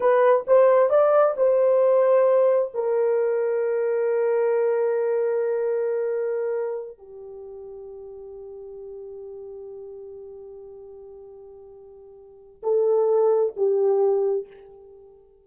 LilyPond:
\new Staff \with { instrumentName = "horn" } { \time 4/4 \tempo 4 = 133 b'4 c''4 d''4 c''4~ | c''2 ais'2~ | ais'1~ | ais'2.~ ais'8 g'8~ |
g'1~ | g'1~ | g'1 | a'2 g'2 | }